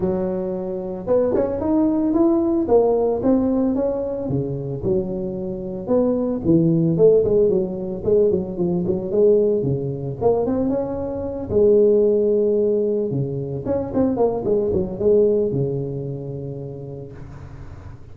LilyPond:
\new Staff \with { instrumentName = "tuba" } { \time 4/4 \tempo 4 = 112 fis2 b8 cis'8 dis'4 | e'4 ais4 c'4 cis'4 | cis4 fis2 b4 | e4 a8 gis8 fis4 gis8 fis8 |
f8 fis8 gis4 cis4 ais8 c'8 | cis'4. gis2~ gis8~ | gis8 cis4 cis'8 c'8 ais8 gis8 fis8 | gis4 cis2. | }